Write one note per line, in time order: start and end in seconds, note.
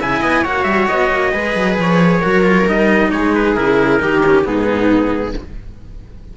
0.00 0.22 C#3
0.00 0.46 E4
0.00 0.21 E5
0.00 0.45 G#5
0.21 0.44 B3
0.21 0.42 D#5
0.42 0.64 A#3
0.42 1.33 F#4
0.42 1.31 C#5
0.42 0.64 F#5
0.64 0.87 G3
0.64 0.86 E5
0.88 1.10 B3
0.88 1.78 D#5
1.10 1.33 A#3
1.32 1.55 G#3
1.32 2.22 G#4
1.32 2.20 B4
1.55 1.78 F#3
1.79 2.23 F3
1.79 2.69 C#5
2.20 2.67 F#3
2.20 2.42 F#4
2.20 3.09 A#4
2.42 2.65 F4
2.67 3.12 G3
2.67 3.56 D#4
2.67 3.11 D#5
3.11 3.57 G#3
3.11 4.03 G#4
3.11 3.34 C#5
3.35 3.56 B4
3.56 4.02 C#3
3.56 4.00 E4
3.56 4.45 A#4
4.00 4.46 D#3
4.00 4.22 D#4
4.00 4.47 G4
4.26 4.44 C#4
4.44 5.35 G#2
4.44 5.34 B3
4.44 5.37 D#4
4.44 5.36 G#4